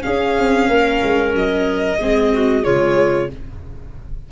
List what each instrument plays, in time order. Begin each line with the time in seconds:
0.00 viola C#4, tuba C#4, clarinet G#4, violin F5
0.39 tuba C4
0.68 tuba A#3, clarinet A#4
1.04 tuba G#3
1.34 tuba F#3, violin D#5
1.99 tuba G#3, viola C4, clarinet G#4
2.33 clarinet F#4
2.63 tuba C#3, viola G#3, clarinet F4, violin C#5